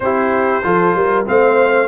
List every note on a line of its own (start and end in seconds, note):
0.00 0.63 C4
0.00 0.62 E4
0.00 0.65 G4
0.00 1.25 C5
0.62 0.95 F3
0.62 1.25 F4
0.62 0.96 A4
0.95 1.26 G3
0.95 1.27 A#4
1.25 1.88 A3
1.25 1.88 C4
1.25 1.88 C5
1.25 1.88 F5